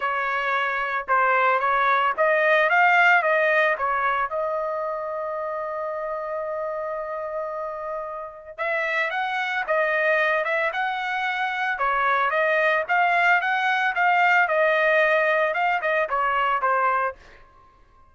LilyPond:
\new Staff \with { instrumentName = "trumpet" } { \time 4/4 \tempo 4 = 112 cis''2 c''4 cis''4 | dis''4 f''4 dis''4 cis''4 | dis''1~ | dis''1 |
e''4 fis''4 dis''4. e''8 | fis''2 cis''4 dis''4 | f''4 fis''4 f''4 dis''4~ | dis''4 f''8 dis''8 cis''4 c''4 | }